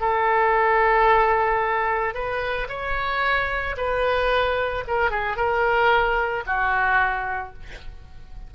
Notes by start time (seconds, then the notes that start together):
0.00 A4
2.14 B4
2.69 C#5
3.77 B4
4.87 A#4
5.10 G#4
5.37 A#4
6.46 F#4